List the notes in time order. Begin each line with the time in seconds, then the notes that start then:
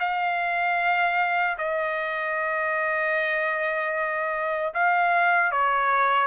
0.00 F5
1.58 D#5
4.74 F5
5.52 C#5